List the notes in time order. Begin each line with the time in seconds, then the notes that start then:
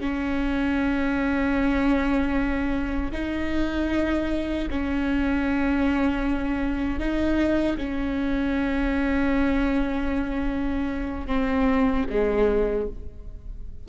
0.00 C#4
3.12 D#4
4.70 C#4
6.99 D#4
7.78 C#4
11.27 C4
12.10 G#3